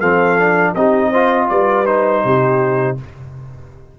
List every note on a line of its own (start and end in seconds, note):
0.00 0.75 F3
0.00 0.39 C4
0.00 0.74 A4
0.00 0.74 F5
0.39 0.76 D4
0.75 1.49 C4
0.75 1.13 D#4
0.75 1.10 G4
0.75 1.49 D#5
1.10 1.86 F4
1.10 1.48 C5
1.49 2.24 G3
1.49 2.25 B4
1.49 1.86 D5
1.86 2.97 D#4
1.86 2.97 C5
2.24 2.98 C3
2.24 2.99 G4